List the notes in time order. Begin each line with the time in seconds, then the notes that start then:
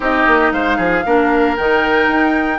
0.00 C4 D#4 G4 D#5
0.26 A#3
0.51 G#3 C5 F5
0.77 F3 G#4
1.05 A#3 D4 A#4
1.56 D#3 D#4 G5
2.07 D#4